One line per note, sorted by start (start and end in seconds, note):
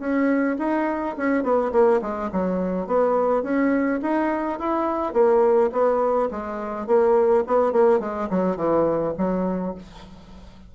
0.00 0.57 C#4
0.59 1.16 D#4
1.18 1.44 C#4
1.44 1.72 B3
1.72 2.01 A#3
2.02 2.31 G#3
2.32 2.88 F#3
2.88 3.43 B3
3.43 4.01 C#4
4.02 4.59 D#4
4.60 5.14 E4
5.14 5.71 A#3
5.72 6.30 B3
6.31 6.87 G#3
6.87 7.44 A#3
7.47 7.73 B3
7.73 8.00 A#3
8.00 8.29 G#3
8.31 8.57 F#3
8.57 9.14 E3
9.18 9.75 F#3